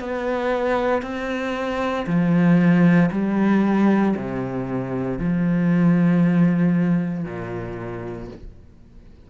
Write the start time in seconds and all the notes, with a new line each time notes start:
0.00 B3
1.02 C4
2.06 F3
3.11 G3
4.16 C3
5.18 F3
7.25 A#2